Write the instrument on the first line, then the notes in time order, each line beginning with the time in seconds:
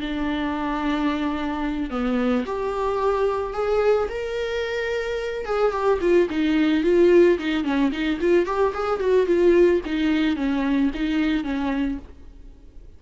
viola
0.00 D4
1.90 B3
2.45 G4
3.53 G#4
4.09 A#4
5.45 G#4
5.71 G4
6.01 F4
6.29 D#4
6.83 F4
7.38 D#4
7.64 C#4
7.91 D#4
8.20 F4
8.45 G4
8.73 G#4
9.00 F#4
9.26 F4
9.85 D#4
10.36 C#4
10.94 D#4
11.43 C#4